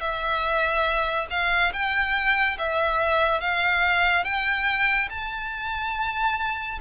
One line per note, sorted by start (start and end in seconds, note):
0.00 1.27 E5
1.30 1.72 F5
1.73 2.57 G5
2.58 3.40 E5
3.40 4.24 F5
4.24 5.09 G5
5.10 6.79 A5